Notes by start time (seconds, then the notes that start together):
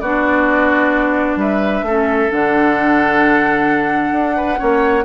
0.00 B3 D4 F#4 D5
1.36 G3 B4 E5
1.82 A3 C#4 A4
2.29 D3 D4 F#5
4.11 D4
4.36 B4
4.57 A#3 C#4 C#5